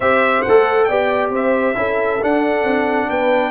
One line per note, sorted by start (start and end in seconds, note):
0.00 0.43 C4
0.00 0.45 G4
0.00 0.87 C5
0.00 0.41 E5
0.41 0.89 A3
0.41 0.84 F#5
0.48 0.90 A4
0.84 1.30 B3
0.84 1.75 G4
0.84 1.31 D5
0.84 1.28 G5
1.30 1.74 C4
1.30 1.76 C5
1.30 2.23 E5
1.75 2.20 C#4
1.75 2.19 E4
1.75 3.08 A4
2.21 3.51 D4
2.21 2.63 D4
2.21 3.10 F#5
2.63 3.07 C4
3.08 3.51 B3
3.08 3.51 B4
3.08 3.51 G5